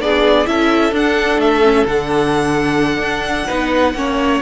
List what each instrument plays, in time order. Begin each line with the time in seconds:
0.00 cello B3, viola D4, violin G#4 D5
0.46 cello C#4, viola E4, violin A4 E5
0.92 cello D4, viola D4, violin F#5
1.38 cello A3, violin E5
1.63 viola C#4
1.86 cello D3, viola D4, violin F#5
2.99 cello D4
3.47 cello B3, viola D#4, violin B4
3.95 cello A#3, viola C#4, violin C#5